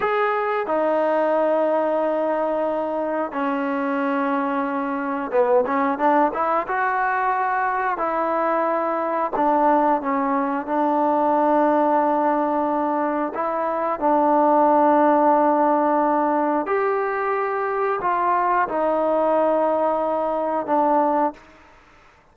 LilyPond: \new Staff \with { instrumentName = "trombone" } { \time 4/4 \tempo 4 = 90 gis'4 dis'2.~ | dis'4 cis'2. | b8 cis'8 d'8 e'8 fis'2 | e'2 d'4 cis'4 |
d'1 | e'4 d'2.~ | d'4 g'2 f'4 | dis'2. d'4 | }